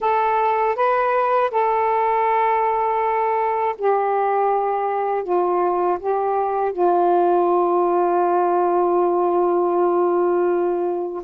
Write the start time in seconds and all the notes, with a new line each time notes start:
0.00 A4
0.75 B4
1.50 A4
3.77 G4
5.23 F4
5.99 G4
6.72 F4